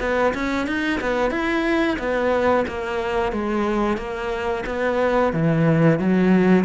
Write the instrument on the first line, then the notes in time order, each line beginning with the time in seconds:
cello
0.00 B3
0.34 C#4
0.67 D#4
1.01 B3
1.31 E4
1.99 B3
2.68 A#3
3.32 G#3
3.98 A#3
4.66 B3
5.33 E3
5.99 F#3